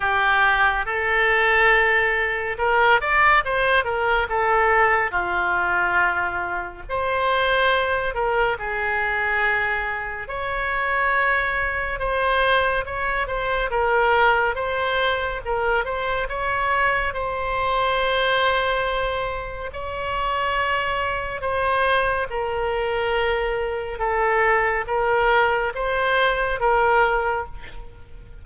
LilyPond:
\new Staff \with { instrumentName = "oboe" } { \time 4/4 \tempo 4 = 70 g'4 a'2 ais'8 d''8 | c''8 ais'8 a'4 f'2 | c''4. ais'8 gis'2 | cis''2 c''4 cis''8 c''8 |
ais'4 c''4 ais'8 c''8 cis''4 | c''2. cis''4~ | cis''4 c''4 ais'2 | a'4 ais'4 c''4 ais'4 | }